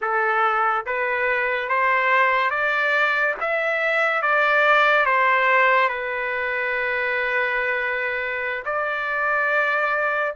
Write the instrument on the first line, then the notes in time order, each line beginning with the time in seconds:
trumpet
0.01 A4
0.86 B4
1.69 C5
2.50 D5
3.40 E5
4.21 D5
5.05 C5
5.88 B4
8.65 D5